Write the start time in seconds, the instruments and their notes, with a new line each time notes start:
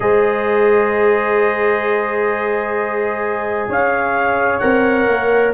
0.00 tuba G#3, trombone G#4, horn C5, trumpet D#5
3.68 tuba C#4, horn C#5, trumpet F5
4.59 tuba C4, trombone A#4, trumpet F#5
5.07 tuba A#3